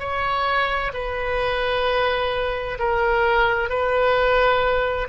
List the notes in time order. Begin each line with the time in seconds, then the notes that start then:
0.00 C#5
0.94 B4
2.79 A#4
3.70 B4